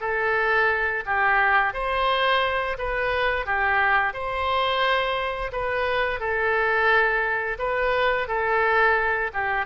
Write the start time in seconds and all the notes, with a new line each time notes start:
0.00 A4
1.05 G4
1.73 C5
2.78 B4
3.45 G4
4.13 C5
5.52 B4
6.19 A4
7.58 B4
8.27 A4
9.33 G4